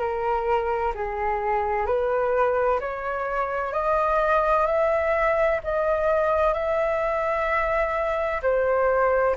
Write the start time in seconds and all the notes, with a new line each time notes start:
0.00 A#4
0.95 G#4
1.86 B4
2.80 C#5
3.73 D#5
4.67 E5
5.64 D#5
6.54 E5
8.43 C5